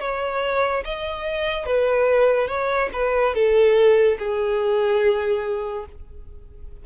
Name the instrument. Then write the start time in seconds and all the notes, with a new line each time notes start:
violin
0.00 C#5
0.84 D#5
1.66 B4
2.47 C#5
2.93 B4
3.34 A4
4.18 G#4